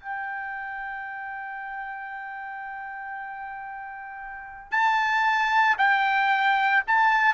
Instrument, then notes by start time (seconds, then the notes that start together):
trumpet
0.00 G5
4.72 A5
5.78 G5
6.88 A5